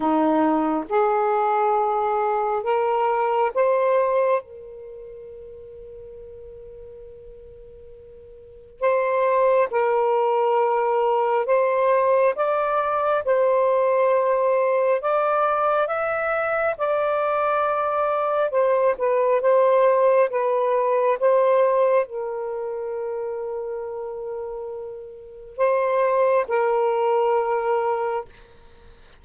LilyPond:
\new Staff \with { instrumentName = "saxophone" } { \time 4/4 \tempo 4 = 68 dis'4 gis'2 ais'4 | c''4 ais'2.~ | ais'2 c''4 ais'4~ | ais'4 c''4 d''4 c''4~ |
c''4 d''4 e''4 d''4~ | d''4 c''8 b'8 c''4 b'4 | c''4 ais'2.~ | ais'4 c''4 ais'2 | }